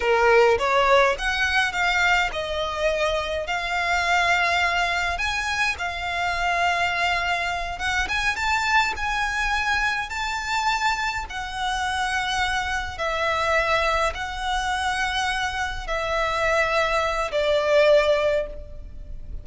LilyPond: \new Staff \with { instrumentName = "violin" } { \time 4/4 \tempo 4 = 104 ais'4 cis''4 fis''4 f''4 | dis''2 f''2~ | f''4 gis''4 f''2~ | f''4. fis''8 gis''8 a''4 gis''8~ |
gis''4. a''2 fis''8~ | fis''2~ fis''8 e''4.~ | e''8 fis''2. e''8~ | e''2 d''2 | }